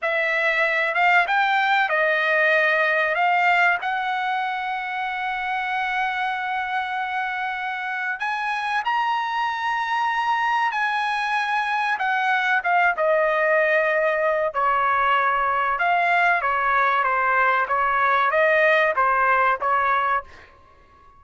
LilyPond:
\new Staff \with { instrumentName = "trumpet" } { \time 4/4 \tempo 4 = 95 e''4. f''8 g''4 dis''4~ | dis''4 f''4 fis''2~ | fis''1~ | fis''4 gis''4 ais''2~ |
ais''4 gis''2 fis''4 | f''8 dis''2~ dis''8 cis''4~ | cis''4 f''4 cis''4 c''4 | cis''4 dis''4 c''4 cis''4 | }